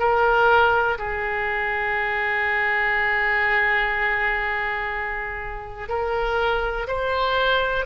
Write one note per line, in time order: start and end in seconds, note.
0.00 0.98 A#4
0.98 5.89 G#4
5.89 6.87 A#4
6.88 7.86 C5